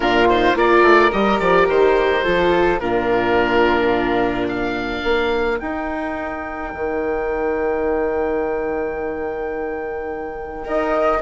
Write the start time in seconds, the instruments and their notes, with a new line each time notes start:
0.00 bassoon A#2, viola D4, flute F4, oboe A#4
0.29 viola D#4, oboe C5
0.55 bassoon A#3, viola F4, flute A#4, oboe D5
0.82 bassoon A3
1.12 bassoon G3, viola G4, oboe D#5
1.39 bassoon F3, oboe D5
1.68 bassoon D#3, oboe C5
2.24 bassoon F3, viola F4, flute A4
2.79 bassoon A#2, viola D4, flute F4, oboe A#4
4.48 flute A#4, oboe F5
5.03 bassoon A#3
5.59 viola D#4, bassoon D#4, oboe G5
6.74 bassoon D#3
10.64 bassoon D#4, viola A#4, flute D#5